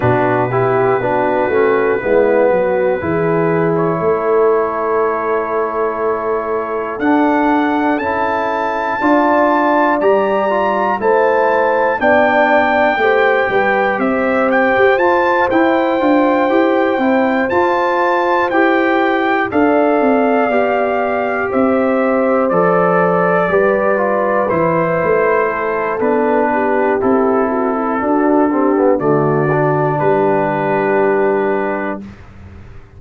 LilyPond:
<<
  \new Staff \with { instrumentName = "trumpet" } { \time 4/4 \tempo 4 = 60 b'2.~ b'8. cis''16~ | cis''2. fis''4 | a''2 ais''4 a''4 | g''2 e''8 g''8 a''8 g''8~ |
g''4. a''4 g''4 f''8~ | f''4. e''4 d''4.~ | d''8 c''4. b'4 a'4~ | a'4 d''4 b'2 | }
  \new Staff \with { instrumentName = "horn" } { \time 4/4 fis'8 g'8 fis'4 e'8 fis'8 gis'4 | a'1~ | a'4 d''2 c''4 | d''4 c''8 b'8 c''2~ |
c''2.~ c''8 d''8~ | d''4. c''2 b'8~ | b'4. a'4 g'4 fis'16 e'16 | fis'8 g'8 fis'4 g'2 | }
  \new Staff \with { instrumentName = "trombone" } { \time 4/4 d'8 e'8 d'8 cis'8 b4 e'4~ | e'2. d'4 | e'4 f'4 g'8 f'8 e'4 | d'4 g'2 f'8 e'8 |
f'8 g'8 e'8 f'4 g'4 a'8~ | a'8 g'2 a'4 g'8 | f'8 e'4. d'4 e'4 | d'8 c'16 b16 a8 d'2~ d'8 | }
  \new Staff \with { instrumentName = "tuba" } { \time 4/4 b,4 b8 a8 gis8 fis8 e4 | a2. d'4 | cis'4 d'4 g4 a4 | b4 a8 g8 c'8. g'16 f'8 e'8 |
d'8 e'8 c'8 f'4 e'4 d'8 | c'8 b4 c'4 f4 g8~ | g8 e8 a4 b4 c'4 | d'4 d4 g2 | }
>>